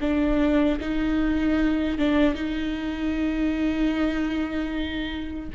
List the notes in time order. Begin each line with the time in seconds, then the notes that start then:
0.00 D4
0.80 D#4
1.98 D4
2.34 D#4